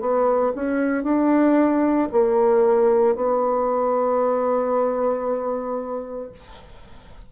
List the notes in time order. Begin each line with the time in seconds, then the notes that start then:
0.00 B3
0.55 C#4
1.03 D4
2.11 A#3
3.15 B3